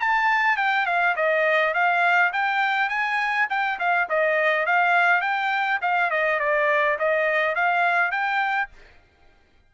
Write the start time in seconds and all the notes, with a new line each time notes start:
0.00 A5
0.57 G5
0.86 F5
1.16 D#5
1.74 F5
2.33 G5
2.89 G#5
3.50 G5
3.79 F5
4.09 D#5
4.66 F5
5.21 G5
5.82 F5
6.10 D#5
6.39 D5
6.99 D#5
7.55 F5
8.11 G5